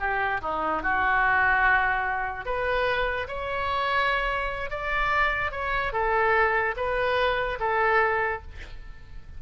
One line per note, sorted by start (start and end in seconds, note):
0.00 0.41 G4
0.42 0.83 D#4
0.83 2.45 F#4
2.45 3.28 B4
3.28 4.70 C#5
4.70 5.52 D5
5.52 5.93 C#5
5.93 6.75 A4
6.77 7.59 B4
7.60 8.42 A4